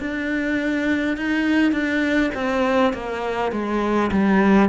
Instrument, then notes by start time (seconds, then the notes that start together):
cello
0.00 D4
1.17 D#4
1.72 D4
2.35 C4
2.94 A#3
3.52 G#3
4.12 G3